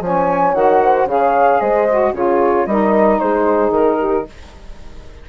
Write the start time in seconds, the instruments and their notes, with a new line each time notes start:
0.00 bassoon F3, saxophone C#4, horn C#5, flute G#5
0.54 bassoon D#3, saxophone F#4, flute F#5
0.83 horn C5
1.05 bassoon C#3, saxophone G#4, horn C#5, flute F5
1.60 bassoon G#3, horn C5, flute D#5
1.91 saxophone F#4
2.12 bassoon C#3, saxophone F4, horn G#4, flute C#5
2.66 bassoon G3, saxophone D#4, horn A#4, flute D#5
3.19 bassoon G#3, horn G#4, flute C5
3.70 bassoon D#3, flute A#4
3.99 horn G4